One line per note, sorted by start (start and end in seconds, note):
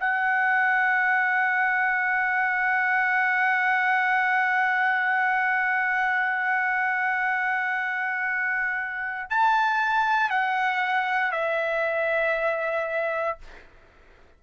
0.00 9.30 F#5
9.30 10.30 A5
10.30 11.32 F#5
11.32 13.39 E5